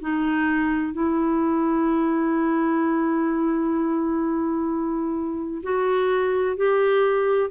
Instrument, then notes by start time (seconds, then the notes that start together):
clarinet
0.00 D#4
0.93 E4
5.63 F#4
6.56 G4